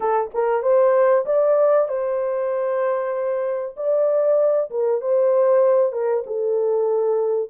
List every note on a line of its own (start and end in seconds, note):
0.00 0.30 A4
0.34 0.62 A#4
0.62 1.25 C5
1.25 1.88 D5
1.88 3.75 C5
3.76 4.70 D5
4.70 5.01 A#4
5.01 5.92 C5
5.92 6.23 A#4
6.26 7.49 A4